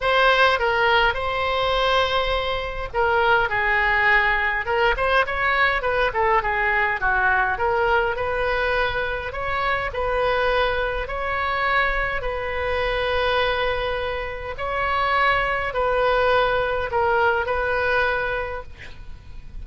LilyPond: \new Staff \with { instrumentName = "oboe" } { \time 4/4 \tempo 4 = 103 c''4 ais'4 c''2~ | c''4 ais'4 gis'2 | ais'8 c''8 cis''4 b'8 a'8 gis'4 | fis'4 ais'4 b'2 |
cis''4 b'2 cis''4~ | cis''4 b'2.~ | b'4 cis''2 b'4~ | b'4 ais'4 b'2 | }